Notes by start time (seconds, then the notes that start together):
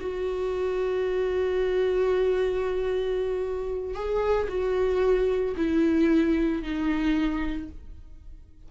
0.00 F#4
3.94 G#4
4.48 F#4
5.57 E4
6.62 D#4